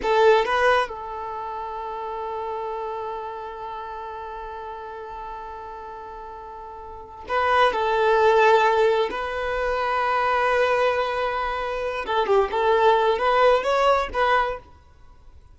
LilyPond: \new Staff \with { instrumentName = "violin" } { \time 4/4 \tempo 4 = 132 a'4 b'4 a'2~ | a'1~ | a'1~ | a'1 |
b'4 a'2. | b'1~ | b'2~ b'8 a'8 g'8 a'8~ | a'4 b'4 cis''4 b'4 | }